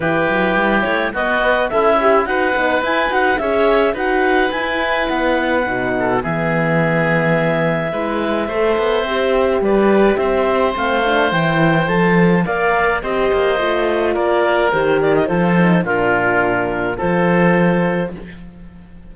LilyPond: <<
  \new Staff \with { instrumentName = "clarinet" } { \time 4/4 \tempo 4 = 106 b'4. cis''8 dis''4 e''4 | fis''4 gis''8 fis''8 e''4 fis''4 | gis''4 fis''2 e''4~ | e''1~ |
e''4 d''4 e''4 f''4 | g''4 a''4 f''4 dis''4~ | dis''4 d''4 c''8 d''16 dis''16 c''4 | ais'2 c''2 | }
  \new Staff \with { instrumentName = "oboe" } { \time 4/4 g'2 fis'4 e'4 | b'2 cis''4 b'4~ | b'2~ b'8 a'8 gis'4~ | gis'2 b'4 c''4~ |
c''4 b'4 c''2~ | c''2 d''4 c''4~ | c''4 ais'2 a'4 | f'2 a'2 | }
  \new Staff \with { instrumentName = "horn" } { \time 4/4 e'2 b8 b'8 a'8 g'8 | fis'8 dis'8 e'8 fis'8 gis'4 fis'4 | e'2 dis'4 b4~ | b2 e'4 a'4 |
g'2. c'8 d'8 | e'4 a'4 ais'4 g'4 | f'2 g'4 f'8 dis'8 | d'2 f'2 | }
  \new Staff \with { instrumentName = "cello" } { \time 4/4 e8 fis8 g8 a8 b4 cis'4 | dis'8 b8 e'8 dis'8 cis'4 dis'4 | e'4 b4 b,4 e4~ | e2 gis4 a8 b8 |
c'4 g4 c'4 a4 | e4 f4 ais4 c'8 ais8 | a4 ais4 dis4 f4 | ais,2 f2 | }
>>